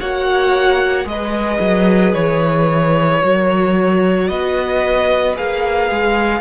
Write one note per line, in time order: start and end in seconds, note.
0.00 1.05 A#3
0.00 1.04 F#4
0.00 1.07 C#5
0.00 1.08 F#5
1.04 1.59 G#3
1.04 3.19 G#4
1.04 2.15 D#5
1.11 3.24 B4
1.60 2.14 F#3
2.15 3.23 E3
2.15 4.28 C#5
3.21 4.30 F#3
3.21 5.35 F#4
3.21 4.29 A#4
4.28 5.37 B3
4.28 6.41 B4
4.28 5.35 D#5
5.35 5.91 A#3
5.35 6.41 G#4
5.35 6.41 F5
5.91 6.41 G#3